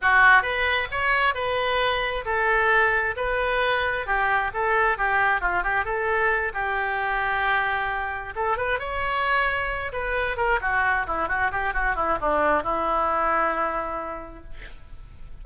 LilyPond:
\new Staff \with { instrumentName = "oboe" } { \time 4/4 \tempo 4 = 133 fis'4 b'4 cis''4 b'4~ | b'4 a'2 b'4~ | b'4 g'4 a'4 g'4 | f'8 g'8 a'4. g'4.~ |
g'2~ g'8 a'8 b'8 cis''8~ | cis''2 b'4 ais'8 fis'8~ | fis'8 e'8 fis'8 g'8 fis'8 e'8 d'4 | e'1 | }